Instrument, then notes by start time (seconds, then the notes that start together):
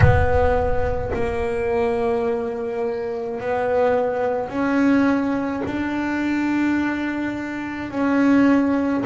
double bass
0.00 B3
1.13 A#3
3.40 B3
4.49 C#4
5.66 D4
7.90 C#4